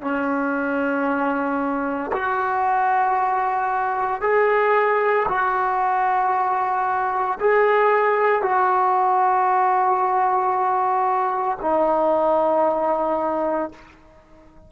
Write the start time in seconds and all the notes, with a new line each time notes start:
0.00 C#4
2.12 F#4
4.21 G#4
5.28 F#4
7.40 G#4
8.42 F#4
11.61 D#4